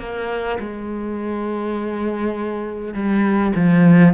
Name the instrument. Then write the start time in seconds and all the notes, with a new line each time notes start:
cello
0.00 A#3
0.60 G#3
2.94 G3
3.56 F3